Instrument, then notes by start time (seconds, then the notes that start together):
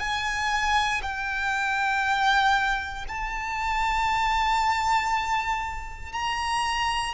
violin
0.00 G#5
1.02 G5
3.08 A5
6.13 A#5